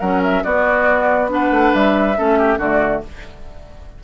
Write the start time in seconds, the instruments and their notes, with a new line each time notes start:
0.00 bassoon F#3, clarinet C#4, oboe A#4, flute F#5
0.23 flute E5
0.43 bassoon B3, clarinet B3, oboe F#4, flute D5
1.28 clarinet D4, oboe B4, flute F#5
1.51 bassoon A3
1.74 bassoon G3, flute E5
2.17 bassoon A3, clarinet C#4, oboe A4
2.39 oboe G4
2.58 bassoon D3, clarinet A3, oboe F#4, flute D5